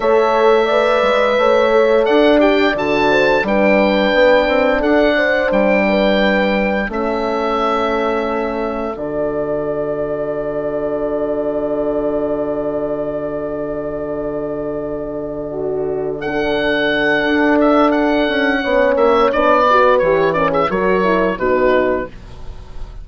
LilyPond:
<<
  \new Staff \with { instrumentName = "oboe" } { \time 4/4 \tempo 4 = 87 e''2. fis''8 g''8 | a''4 g''2 fis''4 | g''2 e''2~ | e''4 d''2.~ |
d''1~ | d''2.~ d''8 fis''8~ | fis''4. e''8 fis''4. e''8 | d''4 cis''8 d''16 e''16 cis''4 b'4 | }
  \new Staff \with { instrumentName = "horn" } { \time 4/4 cis''4 d''4 cis''4 d''4~ | d''8 c''8 b'2 a'8 c''8~ | c''8 b'4. a'2~ | a'1~ |
a'1~ | a'2~ a'8 fis'4 a'8~ | a'2. cis''4~ | cis''8 b'4 ais'16 gis'16 ais'4 fis'4 | }
  \new Staff \with { instrumentName = "horn" } { \time 4/4 a'4 b'4. a'4 g'8 | fis'4 d'2.~ | d'2 cis'2~ | cis'4 fis'2.~ |
fis'1~ | fis'2.~ fis'8 d'8~ | d'2. cis'4 | d'8 fis'8 g'8 cis'8 fis'8 e'8 dis'4 | }
  \new Staff \with { instrumentName = "bassoon" } { \time 4/4 a4. gis8 a4 d'4 | d4 g4 b8 c'8 d'4 | g2 a2~ | a4 d2.~ |
d1~ | d1~ | d4 d'4. cis'8 b8 ais8 | b4 e4 fis4 b,4 | }
>>